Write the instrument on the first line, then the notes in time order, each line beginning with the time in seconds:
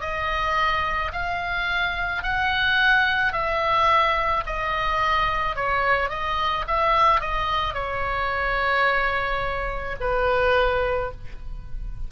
oboe
0.00 D#5
1.12 F5
2.23 F#5
3.32 E5
4.46 D#5
5.56 C#5
6.09 D#5
6.67 E5
7.20 D#5
7.74 C#5
10.00 B4